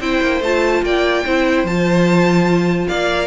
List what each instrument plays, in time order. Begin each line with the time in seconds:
0.00 cello C4, viola E4, violin C5 G5
0.21 cello A#3
0.40 cello A3, viola F4, violin A5
0.82 cello A#3, violin D5 G5
1.24 cello C4, viola E4, violin C5
1.64 cello F3, viola F4, violin A5
2.87 cello A#3, violin D5 F5